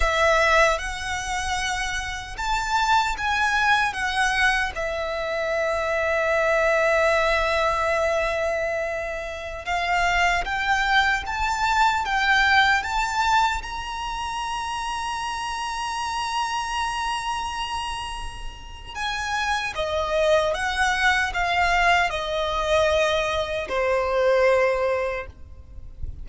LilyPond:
\new Staff \with { instrumentName = "violin" } { \time 4/4 \tempo 4 = 76 e''4 fis''2 a''4 | gis''4 fis''4 e''2~ | e''1~ | e''16 f''4 g''4 a''4 g''8.~ |
g''16 a''4 ais''2~ ais''8.~ | ais''1 | gis''4 dis''4 fis''4 f''4 | dis''2 c''2 | }